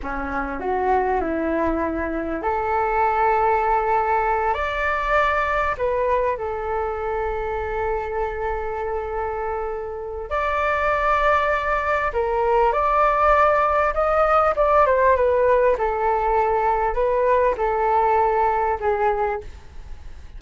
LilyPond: \new Staff \with { instrumentName = "flute" } { \time 4/4 \tempo 4 = 99 cis'4 fis'4 e'2 | a'2.~ a'8 d''8~ | d''4. b'4 a'4.~ | a'1~ |
a'4 d''2. | ais'4 d''2 dis''4 | d''8 c''8 b'4 a'2 | b'4 a'2 gis'4 | }